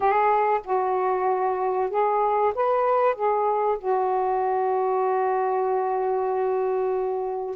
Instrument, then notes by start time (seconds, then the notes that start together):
saxophone
0.00 G#4
0.64 F#4
1.89 G#4
2.54 B4
3.15 G#4
3.78 F#4